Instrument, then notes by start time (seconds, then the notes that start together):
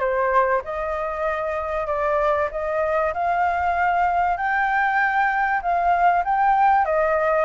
flute
0.00 C5
0.65 D#5
1.87 D5
2.52 D#5
3.14 F5
4.37 G5
5.62 F5
6.25 G5
6.86 D#5